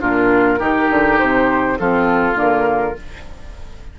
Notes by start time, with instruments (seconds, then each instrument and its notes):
0.00 bassoon A#2, clarinet D4, oboe F4, flute A#4
0.58 bassoon D#3, clarinet D#4, oboe G4
0.89 bassoon D3
1.18 bassoon C3, flute C5
1.78 bassoon F3, clarinet C4, oboe F4, flute A4
2.34 bassoon D3, clarinet A#3, flute A#4